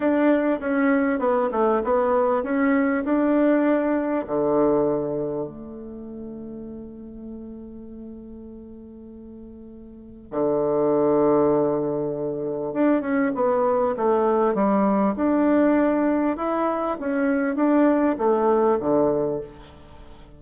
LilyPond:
\new Staff \with { instrumentName = "bassoon" } { \time 4/4 \tempo 4 = 99 d'4 cis'4 b8 a8 b4 | cis'4 d'2 d4~ | d4 a2.~ | a1~ |
a4 d2.~ | d4 d'8 cis'8 b4 a4 | g4 d'2 e'4 | cis'4 d'4 a4 d4 | }